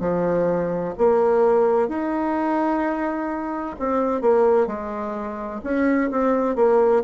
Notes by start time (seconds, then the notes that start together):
0.00 F3
0.98 A#3
1.88 D#4
3.79 C4
4.21 A#3
4.67 G#3
5.63 C#4
6.10 C4
6.55 A#3